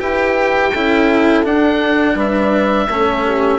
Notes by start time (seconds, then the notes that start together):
0.00 E4 G4 B4 G5
0.72 C#4 E4 A4
1.44 D4 F#5
2.15 G3 B4 E5
2.88 A3 C#4 A4
3.25 G4